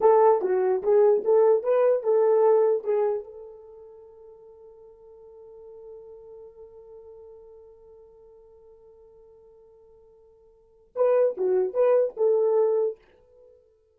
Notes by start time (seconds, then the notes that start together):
0.01 A4
0.41 F#4
0.82 G#4
1.24 A4
1.63 B4
2.03 A4
2.84 G#4
3.23 A4
10.95 B4
11.37 F#4
11.73 B4
12.16 A4